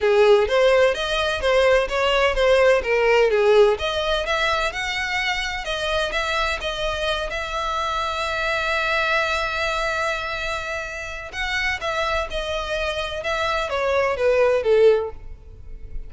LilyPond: \new Staff \with { instrumentName = "violin" } { \time 4/4 \tempo 4 = 127 gis'4 c''4 dis''4 c''4 | cis''4 c''4 ais'4 gis'4 | dis''4 e''4 fis''2 | dis''4 e''4 dis''4. e''8~ |
e''1~ | e''1 | fis''4 e''4 dis''2 | e''4 cis''4 b'4 a'4 | }